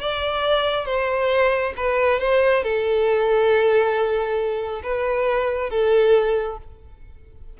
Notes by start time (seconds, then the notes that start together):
0.00 D5
0.85 C5
1.76 B4
2.19 C5
2.63 A4
4.82 B4
5.70 A4